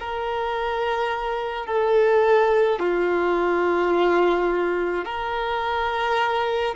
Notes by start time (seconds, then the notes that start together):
0.00 A#4
1.67 A4
2.79 F4
5.05 A#4